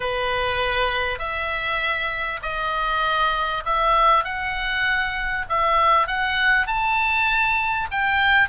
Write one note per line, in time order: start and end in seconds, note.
0.00 1.18 B4
1.18 2.40 E5
2.42 3.63 D#5
3.65 4.24 E5
4.24 5.45 F#5
5.48 6.07 E5
6.07 6.66 F#5
6.66 7.88 A5
7.91 8.48 G5